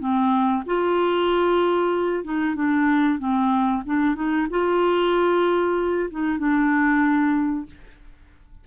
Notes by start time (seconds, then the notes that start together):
0.00 C4
0.66 F4
2.25 D#4
2.56 D4
3.19 C4
3.86 D4
4.16 D#4
4.50 F4
6.11 D#4
6.39 D4